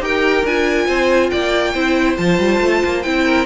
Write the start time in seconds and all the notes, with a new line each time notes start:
0.00 D#4 G4 A#4 G5
0.44 D4 F4 G#5
0.87 C4 C5
1.30 A#3 D5 G5
1.73 C4 E4 C5
2.17 F3 F4 A5
2.39 G3
2.61 A3
2.85 A#3
3.03 C4 E4 G5
3.25 A#4